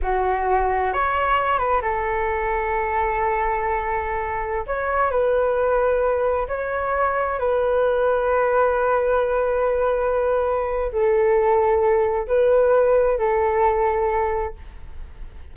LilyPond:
\new Staff \with { instrumentName = "flute" } { \time 4/4 \tempo 4 = 132 fis'2 cis''4. b'8 | a'1~ | a'2~ a'16 cis''4 b'8.~ | b'2~ b'16 cis''4.~ cis''16~ |
cis''16 b'2.~ b'8.~ | b'1 | a'2. b'4~ | b'4 a'2. | }